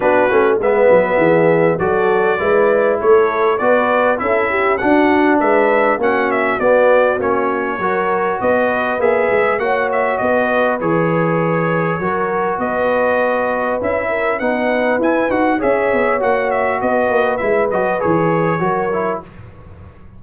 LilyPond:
<<
  \new Staff \with { instrumentName = "trumpet" } { \time 4/4 \tempo 4 = 100 b'4 e''2 d''4~ | d''4 cis''4 d''4 e''4 | fis''4 e''4 fis''8 e''8 d''4 | cis''2 dis''4 e''4 |
fis''8 e''8 dis''4 cis''2~ | cis''4 dis''2 e''4 | fis''4 gis''8 fis''8 e''4 fis''8 e''8 | dis''4 e''8 dis''8 cis''2 | }
  \new Staff \with { instrumentName = "horn" } { \time 4/4 fis'4 b'4 gis'4 a'4 | b'4 a'4 b'4 a'8 g'8 | fis'4 b'4 fis'2~ | fis'4 ais'4 b'2 |
cis''4 b'2. | ais'4 b'2~ b'8 ais'8 | b'2 cis''2 | b'2. ais'4 | }
  \new Staff \with { instrumentName = "trombone" } { \time 4/4 d'8 cis'8 b2 fis'4 | e'2 fis'4 e'4 | d'2 cis'4 b4 | cis'4 fis'2 gis'4 |
fis'2 gis'2 | fis'2. e'4 | dis'4 e'8 fis'8 gis'4 fis'4~ | fis'4 e'8 fis'8 gis'4 fis'8 e'8 | }
  \new Staff \with { instrumentName = "tuba" } { \time 4/4 b8 a8 gis8 fis8 e4 fis4 | gis4 a4 b4 cis'4 | d'4 gis4 ais4 b4 | ais4 fis4 b4 ais8 gis8 |
ais4 b4 e2 | fis4 b2 cis'4 | b4 e'8 dis'8 cis'8 b8 ais4 | b8 ais8 gis8 fis8 e4 fis4 | }
>>